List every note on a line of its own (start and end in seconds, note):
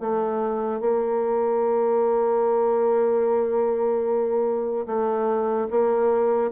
0.00 0.80 A3
0.80 4.86 A#3
4.86 5.68 A3
5.70 6.51 A#3